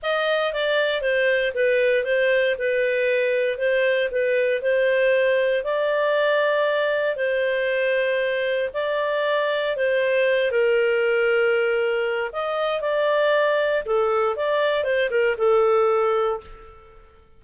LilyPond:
\new Staff \with { instrumentName = "clarinet" } { \time 4/4 \tempo 4 = 117 dis''4 d''4 c''4 b'4 | c''4 b'2 c''4 | b'4 c''2 d''4~ | d''2 c''2~ |
c''4 d''2 c''4~ | c''8 ais'2.~ ais'8 | dis''4 d''2 a'4 | d''4 c''8 ais'8 a'2 | }